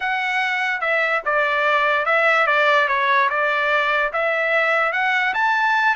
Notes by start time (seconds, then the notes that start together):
0.00 F#5
0.81 E5
1.25 D5
2.05 E5
2.46 D5
2.88 C#5
3.29 D5
4.12 E5
4.92 F#5
5.34 A5